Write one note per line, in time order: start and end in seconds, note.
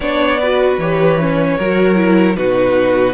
0.00 0.77 B3
0.00 0.40 D4
0.00 0.40 C#5
0.00 0.76 D5
0.40 0.80 F#4
0.40 1.57 B4
0.77 1.56 E3
0.77 1.19 G4
0.77 2.36 C#5
1.20 1.59 C#4
1.57 2.38 F#3
1.57 1.95 F#4
1.57 2.36 A#4
1.95 2.35 E4
2.36 3.14 B2
2.36 3.14 D#4
2.36 3.14 F#4
2.36 3.14 B4